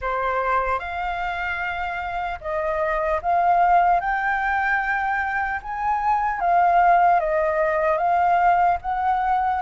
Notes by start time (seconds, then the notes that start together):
0.01 C5
0.79 F5
2.40 D#5
3.21 F5
4.00 G5
5.62 G#5
6.40 F5
7.20 D#5
7.97 F5
8.81 F#5